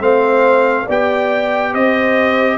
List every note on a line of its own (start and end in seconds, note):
0.00 0.86 A3
0.00 0.86 C4
0.00 0.86 C5
0.00 0.88 F5
0.86 1.74 B3
0.86 2.57 G4
0.86 1.71 D5
0.86 1.74 G5
1.72 2.57 C4
1.72 2.57 C5
1.72 2.57 D#5